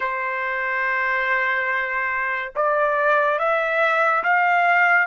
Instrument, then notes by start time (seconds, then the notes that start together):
trumpet
0.00 C5
2.55 D5
3.38 E5
4.23 F5